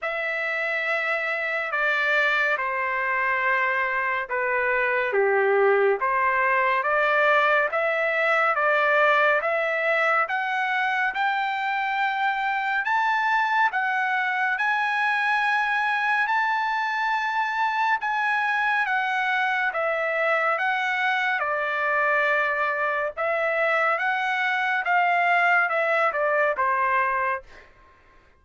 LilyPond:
\new Staff \with { instrumentName = "trumpet" } { \time 4/4 \tempo 4 = 70 e''2 d''4 c''4~ | c''4 b'4 g'4 c''4 | d''4 e''4 d''4 e''4 | fis''4 g''2 a''4 |
fis''4 gis''2 a''4~ | a''4 gis''4 fis''4 e''4 | fis''4 d''2 e''4 | fis''4 f''4 e''8 d''8 c''4 | }